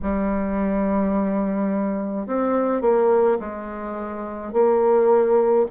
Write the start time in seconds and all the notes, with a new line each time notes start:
0.02 G3
2.26 C4
2.81 A#3
3.39 G#3
4.52 A#3